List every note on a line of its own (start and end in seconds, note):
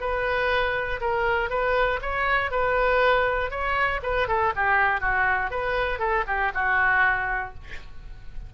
0.00 1.00 B4
1.00 1.49 A#4
1.49 1.99 B4
2.02 2.51 C#5
2.51 3.50 B4
3.50 4.00 C#5
4.02 4.27 B4
4.27 4.52 A4
4.55 5.00 G4
5.00 5.50 F#4
5.50 5.99 B4
5.99 6.24 A4
6.27 6.52 G4
6.54 7.54 F#4